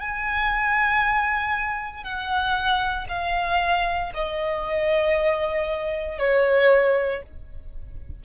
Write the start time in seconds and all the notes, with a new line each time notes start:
0.00 G#5
2.04 F#5
3.08 F5
4.14 D#5
6.19 C#5